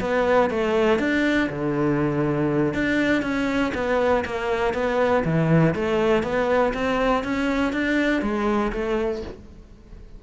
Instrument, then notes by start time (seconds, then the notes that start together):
cello
0.00 B3
0.50 A3
0.99 D4
1.49 D3
2.73 D4
3.22 C#4
3.74 B3
4.25 A#3
4.73 B3
5.25 E3
5.75 A3
6.23 B3
6.73 C4
7.24 C#4
7.72 D4
8.22 G#3
8.72 A3